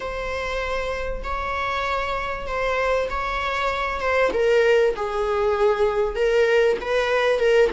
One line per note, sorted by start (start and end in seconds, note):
0.00 1.22 C5
1.23 2.47 C#5
2.47 3.08 C5
3.10 4.00 C#5
4.00 4.31 C5
4.33 4.95 A#4
4.95 6.15 G#4
6.15 6.77 A#4
6.80 7.39 B4
7.39 7.70 A#4